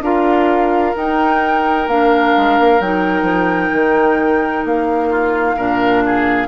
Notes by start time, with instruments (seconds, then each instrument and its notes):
0.00 bassoon D4, clarinet F4, oboe A#4, flute F5
0.96 clarinet D#4, bassoon D#4, flute G5
1.87 bassoon A#3, clarinet D4, flute F5
2.37 bassoon G#3
2.58 bassoon A#3
2.79 bassoon F#3, clarinet D#4, flute G5
3.22 bassoon F3
3.72 bassoon D#3
4.64 bassoon A#3, flute F5
5.09 oboe F4
5.56 bassoon A#2, clarinet D4, oboe A#4
6.06 oboe G#4